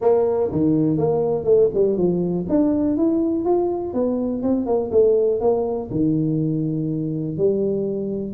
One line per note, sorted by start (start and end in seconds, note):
0.01 0.50 A#3
0.51 0.97 D#3
0.97 1.44 A#3
1.44 1.69 A3
1.74 1.97 G3
1.97 2.46 F3
2.49 2.96 D4
2.96 3.44 E4
3.44 3.93 F4
3.93 4.42 B3
4.42 4.65 C4
4.65 4.90 A#3
4.91 5.40 A3
5.40 5.89 A#3
5.91 7.37 D#3
7.37 8.34 G3